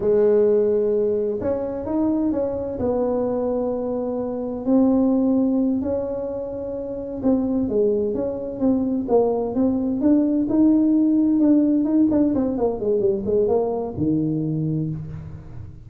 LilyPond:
\new Staff \with { instrumentName = "tuba" } { \time 4/4 \tempo 4 = 129 gis2. cis'4 | dis'4 cis'4 b2~ | b2 c'2~ | c'8 cis'2. c'8~ |
c'8 gis4 cis'4 c'4 ais8~ | ais8 c'4 d'4 dis'4.~ | dis'8 d'4 dis'8 d'8 c'8 ais8 gis8 | g8 gis8 ais4 dis2 | }